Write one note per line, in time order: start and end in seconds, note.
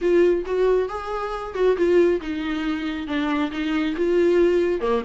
0.01 0.44 F4
0.45 0.88 F#4
0.88 1.54 G#4
1.54 1.76 F#4
1.76 2.20 F4
2.21 3.07 D#4
3.07 3.51 D4
3.51 3.95 D#4
3.96 4.80 F4
4.80 5.02 A#3